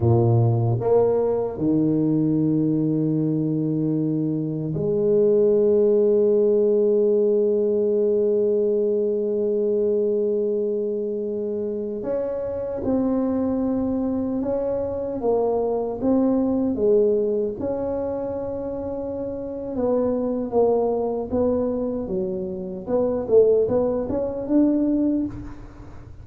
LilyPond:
\new Staff \with { instrumentName = "tuba" } { \time 4/4 \tempo 4 = 76 ais,4 ais4 dis2~ | dis2 gis2~ | gis1~ | gis2.~ gis16 cis'8.~ |
cis'16 c'2 cis'4 ais8.~ | ais16 c'4 gis4 cis'4.~ cis'16~ | cis'4 b4 ais4 b4 | fis4 b8 a8 b8 cis'8 d'4 | }